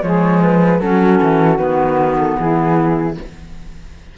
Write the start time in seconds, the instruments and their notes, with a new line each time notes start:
0.00 cello F3, clarinet G#3, saxophone G#4, flute C#5
0.42 flute B4
0.80 cello F#3, clarinet C#4, saxophone F#4, flute A4
1.22 cello E3
1.57 cello D#3, clarinet B3, flute B4
2.18 flute A4
2.39 cello E3, saxophone E4, flute G#4